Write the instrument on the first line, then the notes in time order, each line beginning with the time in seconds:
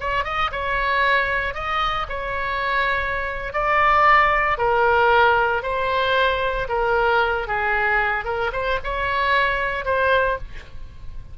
oboe
0.00 C#5
0.24 D#5
0.52 C#5
1.54 D#5
2.09 C#5
3.53 D5
4.57 A#4
5.62 C5
6.68 A#4
7.47 G#4
8.24 A#4
8.52 C5
8.83 C#5
9.85 C5